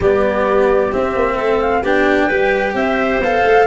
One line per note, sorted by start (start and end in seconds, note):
0.00 0.92 G3
0.00 0.92 B3
0.00 1.34 G4
0.00 0.92 D5
0.92 1.83 C4
0.92 1.15 C4
0.92 1.60 E5
1.15 1.36 A#3
1.34 1.82 A3
1.34 1.80 A4
1.60 1.83 F5
1.82 2.29 B3
1.82 2.30 D4
1.82 2.26 G4
1.82 2.75 G5
2.26 2.74 G3
2.26 3.21 G4
2.26 2.72 B4
2.74 3.19 C4
2.74 3.65 C5
2.74 3.21 E5
3.19 3.42 B3
3.19 3.67 A4
3.19 3.67 F5
3.44 3.67 A3